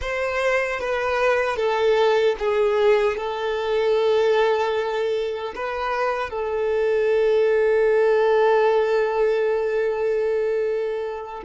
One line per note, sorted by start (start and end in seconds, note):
0.01 0.80 C5
0.80 1.56 B4
1.56 2.35 A4
2.39 3.17 G#4
3.17 5.53 A4
5.55 6.30 B4
6.30 11.43 A4